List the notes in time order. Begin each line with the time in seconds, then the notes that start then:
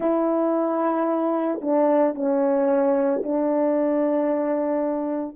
0.00 E4
1.61 D4
2.14 C#4
3.23 D4